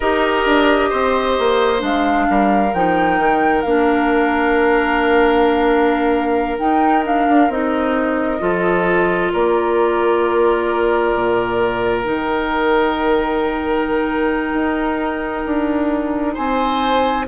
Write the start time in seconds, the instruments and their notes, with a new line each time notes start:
0.00 bassoon D#4, clarinet G4, oboe A#4, flute D#5
0.45 bassoon D4
0.89 bassoon C4, oboe C5
1.38 bassoon A#3
1.78 bassoon G#3, clarinet D4
1.84 flute F5
2.29 bassoon G3, oboe A#4
2.73 bassoon F3, clarinet D#4, flute G5
3.18 bassoon D#3
3.61 bassoon A#3, clarinet D4, flute F5
6.58 clarinet D#4, bassoon D#4, flute G5
7.03 clarinet D4, flute F5
7.28 bassoon D4
7.48 bassoon C4, clarinet D#4, flute D#5
8.38 bassoon F3, clarinet F4, oboe A4
9.32 bassoon A#3, oboe A#4, flute D5
11.15 bassoon A#2
12.04 bassoon D#3, clarinet D#4, flute G5
14.53 bassoon D#4
15.45 bassoon D4
16.34 bassoon C4, oboe C5, flute G#5